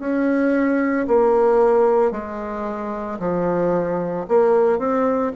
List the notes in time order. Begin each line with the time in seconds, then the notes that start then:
0.00 C#4
1.08 A#3
2.12 G#3
3.20 F3
4.29 A#3
4.79 C4